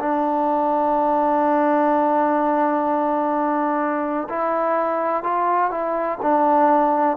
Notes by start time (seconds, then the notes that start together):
0.00 D4
4.30 E4
5.23 F4
5.71 E4
6.22 D4